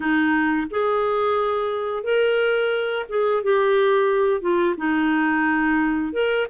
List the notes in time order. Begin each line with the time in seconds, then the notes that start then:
0.00 D#4
0.70 G#4
2.03 A#4
3.09 G#4
3.43 G4
4.41 F4
4.77 D#4
6.12 A#4